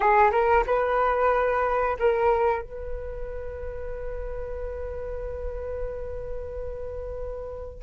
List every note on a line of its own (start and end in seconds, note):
0.00 0.31 G#4
0.31 0.64 A#4
0.66 1.97 B4
1.99 2.62 A#4
2.62 7.83 B4